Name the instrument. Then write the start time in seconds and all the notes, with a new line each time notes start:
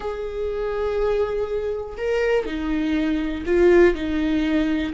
viola
0.00 G#4
1.97 A#4
2.45 D#4
3.46 F4
3.94 D#4